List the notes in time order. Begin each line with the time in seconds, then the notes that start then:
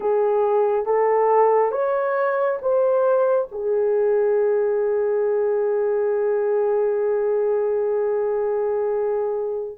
0.00 G#4
0.85 A4
1.71 C#5
2.61 C5
3.51 G#4